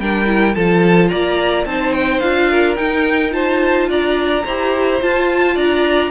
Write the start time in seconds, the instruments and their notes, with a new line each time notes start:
0.00 cello G3, viola D4, violin A#4 G5
0.27 viola E4
0.55 cello F3, viola F4, violin A4 A5
1.09 cello A#3, violin D5 A#5
1.66 cello C4, viola D#4, violin C5 A5
1.93 violin G5
2.20 cello D4, viola F4, violin F5
2.51 violin A#4
2.76 viola D#4, cello D#4, violin G5
3.31 viola F4, violin C5 A5
3.89 cello D4, violin D5 A#5
4.45 cello E4, viola G4, violin C5
5.01 viola F4, cello F4, violin A5
5.55 cello D4, violin D5 A#5